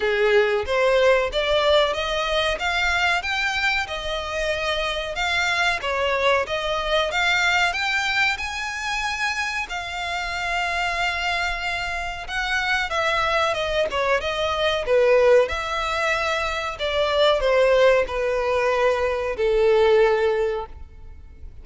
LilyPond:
\new Staff \with { instrumentName = "violin" } { \time 4/4 \tempo 4 = 93 gis'4 c''4 d''4 dis''4 | f''4 g''4 dis''2 | f''4 cis''4 dis''4 f''4 | g''4 gis''2 f''4~ |
f''2. fis''4 | e''4 dis''8 cis''8 dis''4 b'4 | e''2 d''4 c''4 | b'2 a'2 | }